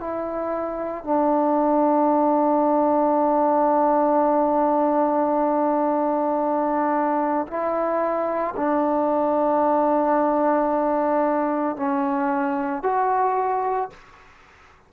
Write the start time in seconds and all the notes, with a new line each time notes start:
0.00 E4
1.04 D4
7.47 E4
8.57 D4
11.77 C#4
12.83 F#4